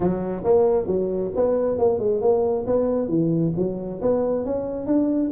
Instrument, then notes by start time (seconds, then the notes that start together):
tuba
0.00 F#3
0.44 A#3
0.86 F#3
1.35 B3
1.78 A#3
1.99 G#3
2.21 A#3
2.66 B3
3.08 E3
3.57 F#3
4.01 B3
4.45 C#4
4.86 D4